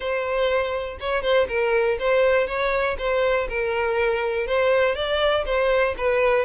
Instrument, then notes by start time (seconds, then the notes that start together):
violin
0.00 C5
1.00 C#5
1.22 C5
1.48 A#4
1.99 C5
2.47 C#5
2.98 C5
3.48 A#4
4.46 C5
4.95 D5
5.45 C5
5.97 B4